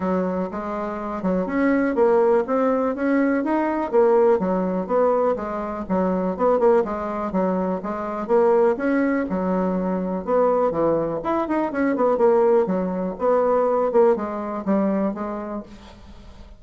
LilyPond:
\new Staff \with { instrumentName = "bassoon" } { \time 4/4 \tempo 4 = 123 fis4 gis4. fis8 cis'4 | ais4 c'4 cis'4 dis'4 | ais4 fis4 b4 gis4 | fis4 b8 ais8 gis4 fis4 |
gis4 ais4 cis'4 fis4~ | fis4 b4 e4 e'8 dis'8 | cis'8 b8 ais4 fis4 b4~ | b8 ais8 gis4 g4 gis4 | }